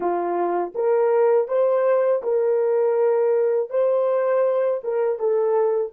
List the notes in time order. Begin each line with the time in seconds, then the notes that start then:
0.00 F4
0.74 A#4
1.47 C5
2.22 A#4
3.70 C5
4.84 A#4
5.19 A4